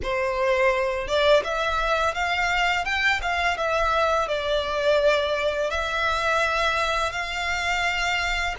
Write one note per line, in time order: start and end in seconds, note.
0.02 1.07 C5
1.07 1.43 D5
1.44 2.14 E5
2.14 2.84 F5
2.84 3.20 G5
3.22 3.57 F5
3.57 4.28 E5
4.28 5.70 D5
5.70 7.12 E5
7.12 8.55 F5